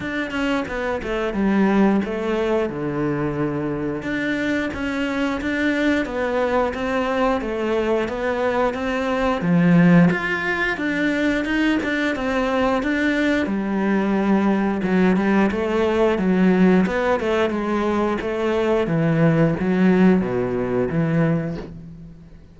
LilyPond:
\new Staff \with { instrumentName = "cello" } { \time 4/4 \tempo 4 = 89 d'8 cis'8 b8 a8 g4 a4 | d2 d'4 cis'4 | d'4 b4 c'4 a4 | b4 c'4 f4 f'4 |
d'4 dis'8 d'8 c'4 d'4 | g2 fis8 g8 a4 | fis4 b8 a8 gis4 a4 | e4 fis4 b,4 e4 | }